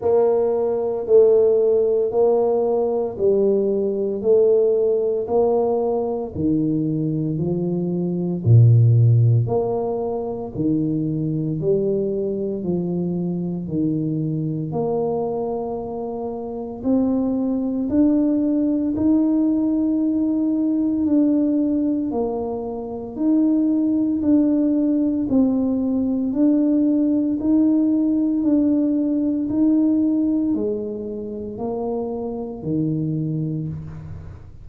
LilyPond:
\new Staff \with { instrumentName = "tuba" } { \time 4/4 \tempo 4 = 57 ais4 a4 ais4 g4 | a4 ais4 dis4 f4 | ais,4 ais4 dis4 g4 | f4 dis4 ais2 |
c'4 d'4 dis'2 | d'4 ais4 dis'4 d'4 | c'4 d'4 dis'4 d'4 | dis'4 gis4 ais4 dis4 | }